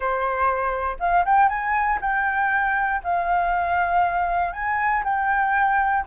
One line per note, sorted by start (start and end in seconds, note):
0.00 0.96 C5
0.99 1.25 F5
1.25 1.49 G5
1.49 1.99 G#5
2.01 3.02 G5
3.03 4.52 F5
4.52 5.03 G#5
5.04 6.05 G5